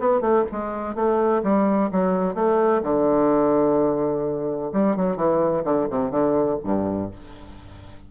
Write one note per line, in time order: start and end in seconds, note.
0.00 0.21 B3
0.21 0.45 A3
0.52 0.96 G#3
0.96 1.43 A3
1.44 1.91 G3
1.92 2.35 F#3
2.35 2.82 A3
2.83 4.72 D3
4.73 4.97 G3
4.97 5.17 F#3
5.17 5.64 E3
5.65 5.88 D3
5.90 6.11 C3
6.11 6.58 D3
6.64 7.11 G2